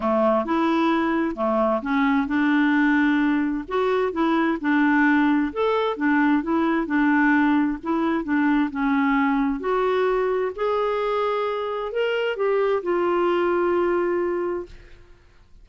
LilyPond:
\new Staff \with { instrumentName = "clarinet" } { \time 4/4 \tempo 4 = 131 a4 e'2 a4 | cis'4 d'2. | fis'4 e'4 d'2 | a'4 d'4 e'4 d'4~ |
d'4 e'4 d'4 cis'4~ | cis'4 fis'2 gis'4~ | gis'2 ais'4 g'4 | f'1 | }